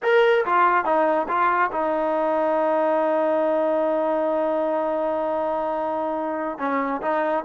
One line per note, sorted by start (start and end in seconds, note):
0.02 0.45 A#4
0.45 0.84 F4
0.84 1.27 D#4
1.28 1.70 F4
1.71 6.58 D#4
6.58 7.01 C#4
7.01 7.44 D#4